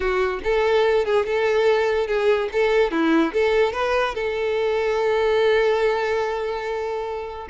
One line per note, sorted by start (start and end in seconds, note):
0.00 0.40 F#4
0.43 1.05 A4
1.05 1.26 G#4
1.26 2.07 A4
2.07 2.49 G#4
2.52 2.91 A4
2.91 3.32 E4
3.33 3.73 A4
3.73 4.14 B4
4.14 7.48 A4